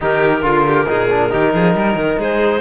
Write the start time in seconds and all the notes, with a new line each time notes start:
0.01 D#3 D#4 G4 A#4
0.41 D3 F4
0.66 G4
0.86 A#2 D#4 G#4
1.10 D4
1.30 D#3 D#4 G4
1.54 F3 G#4
1.74 G3 A#4
1.95 D#3
2.18 G#3 G#4 C5